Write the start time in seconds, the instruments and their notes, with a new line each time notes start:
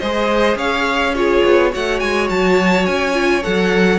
0.00 cello G#3, viola G#4, violin C5 D#5
0.56 cello C#4, violin C#5 F5
1.15 viola F4, violin G#4 C#5
1.45 cello B3
1.71 cello A3, viola F#4, violin C#5 F#5
2.00 cello G#3, violin G#5
2.30 cello F#3, violin A5
2.86 cello C#4, violin G#5
3.14 viola F4
3.43 cello F#3, viola A4, violin F#5